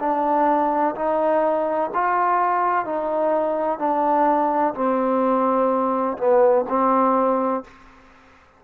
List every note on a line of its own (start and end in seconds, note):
0.00 0.95 D4
0.96 1.91 D#4
1.94 2.85 F4
2.85 3.79 D#4
3.79 4.74 D4
4.75 6.18 C4
6.18 6.65 B3
6.69 7.65 C4